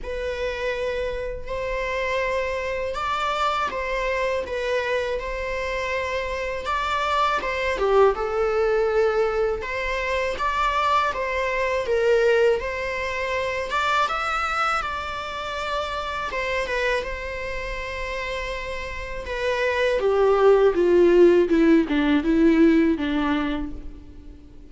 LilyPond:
\new Staff \with { instrumentName = "viola" } { \time 4/4 \tempo 4 = 81 b'2 c''2 | d''4 c''4 b'4 c''4~ | c''4 d''4 c''8 g'8 a'4~ | a'4 c''4 d''4 c''4 |
ais'4 c''4. d''8 e''4 | d''2 c''8 b'8 c''4~ | c''2 b'4 g'4 | f'4 e'8 d'8 e'4 d'4 | }